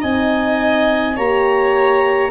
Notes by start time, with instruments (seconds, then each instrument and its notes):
0.00 tuba C4, horn D#4, violin D#5, clarinet G#5
1.15 tuba A#3, horn G4, violin C#5, clarinet A#5